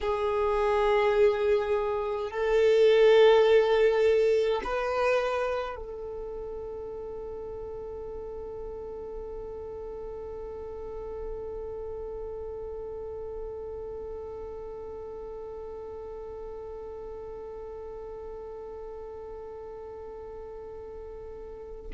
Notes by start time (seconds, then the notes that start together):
0.00 G#4
2.30 A4
4.64 B4
5.75 A4